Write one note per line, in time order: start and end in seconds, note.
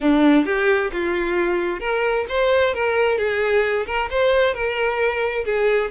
0.00 0.45 D4
0.45 0.90 G4
0.92 1.80 F4
1.80 2.25 A#4
2.28 2.74 C5
2.74 3.17 A#4
3.17 3.86 G#4
3.86 4.09 A#4
4.10 4.54 C5
4.54 5.44 A#4
5.45 5.90 G#4